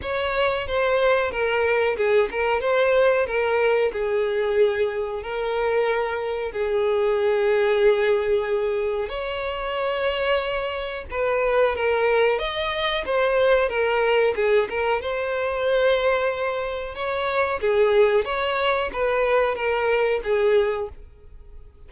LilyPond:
\new Staff \with { instrumentName = "violin" } { \time 4/4 \tempo 4 = 92 cis''4 c''4 ais'4 gis'8 ais'8 | c''4 ais'4 gis'2 | ais'2 gis'2~ | gis'2 cis''2~ |
cis''4 b'4 ais'4 dis''4 | c''4 ais'4 gis'8 ais'8 c''4~ | c''2 cis''4 gis'4 | cis''4 b'4 ais'4 gis'4 | }